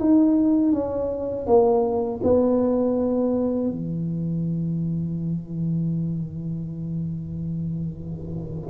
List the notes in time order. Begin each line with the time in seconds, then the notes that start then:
0.00 D#4
0.73 C#4
1.47 A#3
2.23 B3
3.70 E3